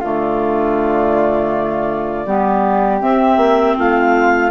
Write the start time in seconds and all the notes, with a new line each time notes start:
0.00 D3 A3 F4 D5
2.26 G3 B3 G4
3.00 C4 E5
3.36 A#3
3.76 A3 F4 F5